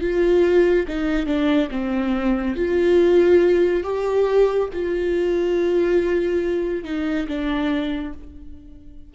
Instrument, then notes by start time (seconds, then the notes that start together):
viola
0.00 F4
0.87 D#4
1.26 D4
1.70 C4
2.56 F4
3.83 G4
4.73 F4
6.84 D#4
7.27 D4